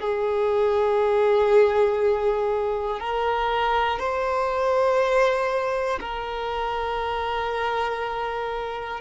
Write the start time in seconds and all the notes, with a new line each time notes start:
0.00 G#4
3.00 A#4
3.99 C5
6.00 A#4